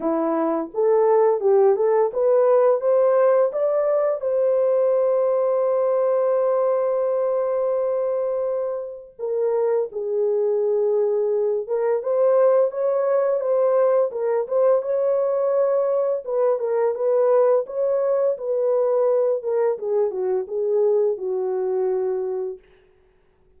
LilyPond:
\new Staff \with { instrumentName = "horn" } { \time 4/4 \tempo 4 = 85 e'4 a'4 g'8 a'8 b'4 | c''4 d''4 c''2~ | c''1~ | c''4 ais'4 gis'2~ |
gis'8 ais'8 c''4 cis''4 c''4 | ais'8 c''8 cis''2 b'8 ais'8 | b'4 cis''4 b'4. ais'8 | gis'8 fis'8 gis'4 fis'2 | }